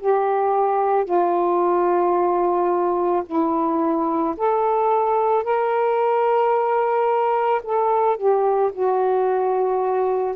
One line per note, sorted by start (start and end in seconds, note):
0.00 1.05 G4
1.05 3.23 F4
3.26 4.35 E4
4.37 5.44 A4
5.44 7.62 A#4
7.64 8.17 A4
8.17 8.72 G4
8.73 10.36 F#4